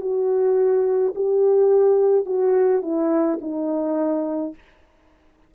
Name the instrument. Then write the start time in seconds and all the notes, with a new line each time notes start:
horn
0.00 F#4
1.15 G4
2.25 F#4
2.82 E4
3.41 D#4